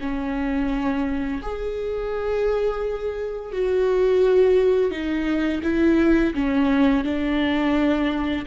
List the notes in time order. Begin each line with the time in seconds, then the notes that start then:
0.00 C#4
1.42 G#4
3.52 F#4
4.90 D#4
5.63 E4
6.34 C#4
7.04 D4